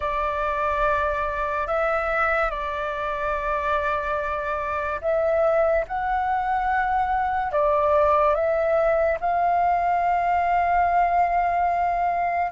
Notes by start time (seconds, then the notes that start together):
0.00 D5
1.67 E5
2.50 D5
5.01 E5
5.87 F#5
7.52 D5
8.34 E5
9.20 F5